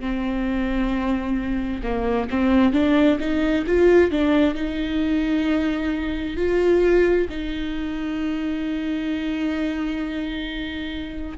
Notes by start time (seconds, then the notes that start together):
0.00 C4
1.83 A#3
2.31 C4
2.74 D4
3.20 D#4
3.67 F4
4.11 D4
4.55 D#4
6.37 F4
7.30 D#4